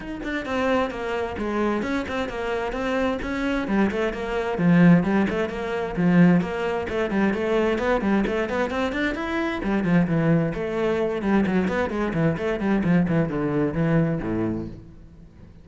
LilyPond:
\new Staff \with { instrumentName = "cello" } { \time 4/4 \tempo 4 = 131 dis'8 d'8 c'4 ais4 gis4 | cis'8 c'8 ais4 c'4 cis'4 | g8 a8 ais4 f4 g8 a8 | ais4 f4 ais4 a8 g8 |
a4 b8 g8 a8 b8 c'8 d'8 | e'4 g8 f8 e4 a4~ | a8 g8 fis8 b8 gis8 e8 a8 g8 | f8 e8 d4 e4 a,4 | }